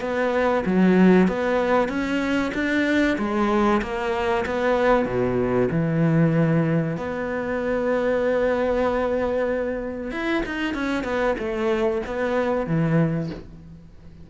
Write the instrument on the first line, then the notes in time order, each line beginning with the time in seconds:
cello
0.00 B3
0.65 F#3
1.27 B3
1.88 C#4
2.54 D4
3.18 G#3
3.82 A#3
4.46 B3
5.05 B2
5.71 E3
6.96 B3
10.11 E4
10.46 D#4
10.74 C#4
11.04 B3
11.38 A3
12.06 B3
12.66 E3